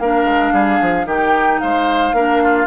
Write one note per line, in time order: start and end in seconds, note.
0.00 0.24 A#3
0.00 1.08 D4
0.00 0.54 A#4
0.00 1.08 F5
0.24 0.51 G#3
0.53 0.80 G3
0.53 1.07 G#4
0.81 1.06 F3
1.06 1.60 D#3
1.06 2.16 D#4
1.06 1.61 G4
1.06 1.60 G5
1.60 2.13 G#3
1.60 2.16 C5
1.60 2.68 F5
2.13 2.67 A#3
2.13 2.68 D4
2.13 2.43 A#4
2.43 2.68 F4